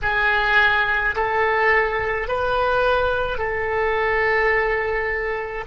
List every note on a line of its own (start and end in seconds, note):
0.02 1.15 G#4
1.15 2.27 A4
2.27 3.38 B4
3.38 5.64 A4